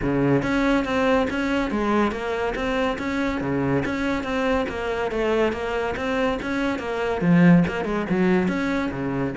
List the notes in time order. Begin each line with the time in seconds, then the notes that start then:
0.02 C#3
0.42 C#4
0.84 C4
1.30 C#4
1.70 G#3
2.11 A#3
2.55 C4
2.98 C#4
3.40 C#3
3.85 C#4
4.23 C4
4.68 A#3
5.11 A3
5.52 A#3
5.96 C4
6.42 C#4
6.78 A#3
7.21 F3
7.67 A#3
7.84 G#3
8.09 F#3
8.48 C#4
8.91 C#3